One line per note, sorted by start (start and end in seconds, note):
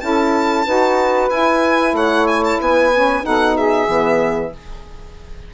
0.00 0.67 C#4
0.00 0.65 E4
0.00 0.65 A4
0.00 1.29 A5
0.65 1.30 D#4
0.65 1.30 F#4
0.65 1.94 B4
1.30 2.91 E4
1.30 1.93 E4
1.30 1.95 G#5
1.93 2.57 A3
1.93 2.59 C#5
1.93 2.28 F#5
2.28 2.44 G#5
2.44 2.60 A5
2.59 3.25 B3
2.59 3.24 B4
2.59 3.25 G#5
2.94 3.23 C#4
3.23 3.88 B2
3.23 3.87 D#4
3.23 3.56 A4
3.23 3.57 F#5
3.56 4.53 G#4
3.56 4.54 E5
3.88 4.52 E3
3.88 4.52 B3